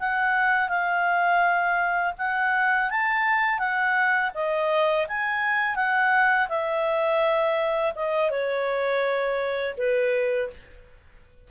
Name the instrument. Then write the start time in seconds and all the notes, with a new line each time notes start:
clarinet
0.00 F#5
0.69 F5
2.19 F#5
2.90 A5
3.59 F#5
4.35 D#5
5.08 G#5
5.76 F#5
6.49 E5
7.96 D#5
8.31 C#5
9.78 B4